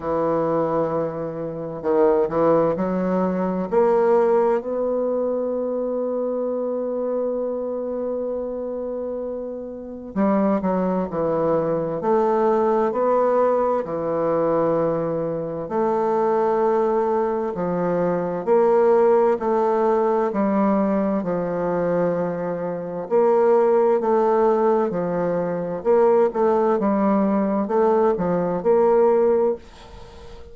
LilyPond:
\new Staff \with { instrumentName = "bassoon" } { \time 4/4 \tempo 4 = 65 e2 dis8 e8 fis4 | ais4 b2.~ | b2. g8 fis8 | e4 a4 b4 e4~ |
e4 a2 f4 | ais4 a4 g4 f4~ | f4 ais4 a4 f4 | ais8 a8 g4 a8 f8 ais4 | }